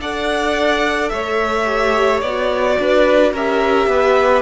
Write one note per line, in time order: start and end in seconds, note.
0.00 1.11 D4
0.00 1.66 A4
0.00 1.12 D5
0.00 1.09 F#5
1.09 2.22 A3
1.09 2.80 C#5
1.09 2.20 E5
1.66 2.22 G4
2.21 2.78 B3
2.21 3.37 F#4
2.21 3.32 D5
2.80 3.33 D4
2.80 3.34 B4
3.33 3.87 C#4
3.33 4.42 G4
3.33 3.89 A#4
3.33 4.42 E5
3.87 4.42 B3
3.87 4.42 B4